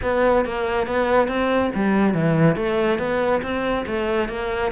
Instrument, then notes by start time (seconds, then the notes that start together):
cello
0.02 B3
0.45 A#3
0.86 B3
1.28 C4
1.75 G3
2.14 E3
2.55 A3
2.98 B3
3.42 C4
3.86 A3
4.28 A#3